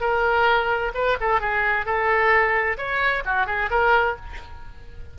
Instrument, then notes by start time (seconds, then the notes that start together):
oboe
0.00 A#4
0.94 B4
1.20 A4
1.40 G#4
1.85 A4
2.77 C#5
3.25 F#4
3.46 G#4
3.70 A#4